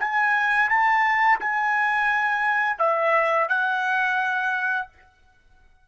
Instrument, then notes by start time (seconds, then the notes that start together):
trumpet
0.00 G#5
0.70 A5
1.40 G#5
2.79 E5
3.49 F#5